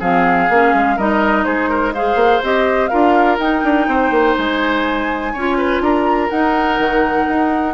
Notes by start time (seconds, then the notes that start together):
0.00 F3 C4 G#4 F5
0.50 A#3 C#4
0.74 G#3
0.97 G3 D#4 A#4 D#5
1.45 G#3 G#4 C5
1.70 A#4
1.95 G#4 C5 F5
2.15 A#3
2.43 C4 G4 D#5
2.88 D4 F4 A#4 F5
3.39 D#4 G5
3.64 D4
3.88 C4 C5
4.11 A#3
4.38 G#3 G#5
5.33 C#4 F4 C#5
5.58 B4
5.81 D4 A#4 A#5
6.30 D#4 F#5
6.79 D#3
7.29 D#4